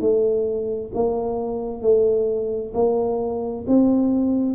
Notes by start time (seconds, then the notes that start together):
0.00 A3
0.94 A#3
1.81 A3
2.74 A#3
3.67 C4